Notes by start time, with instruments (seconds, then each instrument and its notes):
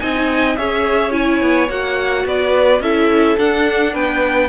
0.00 cello C4, viola D#4, violin D#5 G#5
0.56 cello C#4, viola G#4, violin C#5 E5
1.12 viola E4, violin G#5
1.42 cello B3
1.69 cello A#3, viola F#4, violin F#5
2.26 cello B3, violin B4 D5
2.80 cello C#4, viola E4, violin A4 E5
3.38 viola D4, cello D4, violin F#5
3.93 cello B3, violin B4 G5